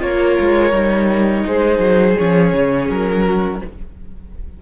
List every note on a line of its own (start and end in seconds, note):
0.00 0.39 A#3
0.00 0.72 F4
0.00 1.47 A#4
0.00 1.47 C#5
0.40 0.72 G#3
0.72 1.45 G3
0.72 2.17 D#4
1.47 1.80 G#3
1.47 3.26 G#4
1.47 2.19 C5
1.80 2.16 F#3
2.18 2.53 F3
2.18 3.62 C#4
2.18 2.90 C#5
2.53 2.89 C#3
2.90 3.62 F#3
2.90 3.62 A#4
3.26 3.62 F#4